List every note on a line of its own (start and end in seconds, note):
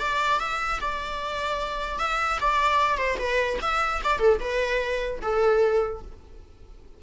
0.00 0.40 D5
0.40 0.80 E5
0.81 1.99 D5
1.99 2.39 E5
2.41 2.98 D5
2.98 3.18 C5
3.19 3.59 B4
3.62 4.02 E5
4.04 4.19 D5
4.19 4.39 A4
4.40 5.20 B4
5.22 6.02 A4